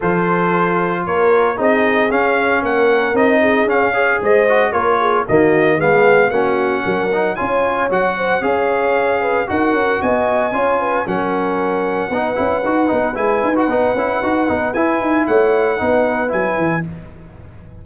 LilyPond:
<<
  \new Staff \with { instrumentName = "trumpet" } { \time 4/4 \tempo 4 = 114 c''2 cis''4 dis''4 | f''4 fis''4 dis''4 f''4 | dis''4 cis''4 dis''4 f''4 | fis''2 gis''4 fis''4 |
f''2 fis''4 gis''4~ | gis''4 fis''2.~ | fis''4 gis''8. fis''2~ fis''16 | gis''4 fis''2 gis''4 | }
  \new Staff \with { instrumentName = "horn" } { \time 4/4 a'2 ais'4 gis'4~ | gis'4 ais'4. gis'4 cis''8 | c''4 ais'8 gis'8 fis'4 gis'4 | fis'4 ais'4 cis''4. c''8 |
cis''4. b'8 ais'4 dis''4 | cis''8 b'8 ais'2 b'4~ | b'1~ | b'4 cis''4 b'2 | }
  \new Staff \with { instrumentName = "trombone" } { \time 4/4 f'2. dis'4 | cis'2 dis'4 cis'8 gis'8~ | gis'8 fis'8 f'4 ais4 b4 | cis'4. dis'8 f'4 fis'4 |
gis'2 fis'2 | f'4 cis'2 dis'8 e'8 | fis'8 dis'8 e'8. fis'16 dis'8 e'8 fis'8 dis'8 | e'2 dis'4 e'4 | }
  \new Staff \with { instrumentName = "tuba" } { \time 4/4 f2 ais4 c'4 | cis'4 ais4 c'4 cis'4 | gis4 ais4 dis4 gis4 | ais4 fis4 cis'4 fis4 |
cis'2 dis'8 cis'8 b4 | cis'4 fis2 b8 cis'8 | dis'8 b8 gis8 dis'8 b8 cis'8 dis'8 b8 | e'8 dis'8 a4 b4 fis8 e8 | }
>>